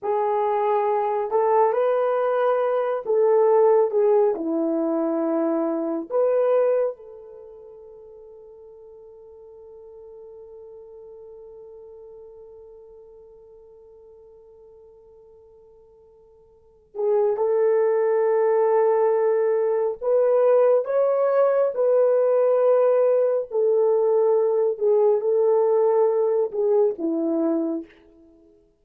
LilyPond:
\new Staff \with { instrumentName = "horn" } { \time 4/4 \tempo 4 = 69 gis'4. a'8 b'4. a'8~ | a'8 gis'8 e'2 b'4 | a'1~ | a'1~ |
a'2.~ a'8 gis'8 | a'2. b'4 | cis''4 b'2 a'4~ | a'8 gis'8 a'4. gis'8 e'4 | }